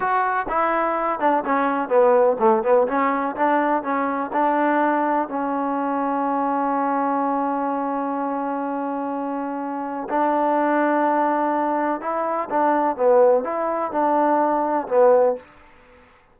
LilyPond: \new Staff \with { instrumentName = "trombone" } { \time 4/4 \tempo 4 = 125 fis'4 e'4. d'8 cis'4 | b4 a8 b8 cis'4 d'4 | cis'4 d'2 cis'4~ | cis'1~ |
cis'1~ | cis'4 d'2.~ | d'4 e'4 d'4 b4 | e'4 d'2 b4 | }